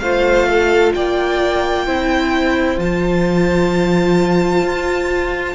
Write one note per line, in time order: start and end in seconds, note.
0.00 0.93 A3
0.00 1.87 F4
0.00 0.49 C5
0.00 0.92 F5
0.49 0.95 A4
0.95 1.87 A#3
0.95 1.87 D5
0.95 2.79 G5
1.87 2.78 C4
1.87 2.78 E4
1.87 5.55 C5
2.78 4.62 F3
2.78 5.55 F4
2.78 5.55 A5
4.62 5.55 F4